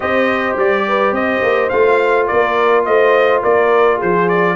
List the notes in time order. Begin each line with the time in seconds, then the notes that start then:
0.00 C4 G4 C5 D#5
0.55 G3 D5
0.88 B4
1.11 C4 C5 D#5
1.42 A#3
1.69 A3 F4 F5
2.27 A#3 A#4 D5
2.85 A3 C5 D#5
3.42 A#3 A#4 D5
3.96 G#4 C5
4.02 F3
4.28 D5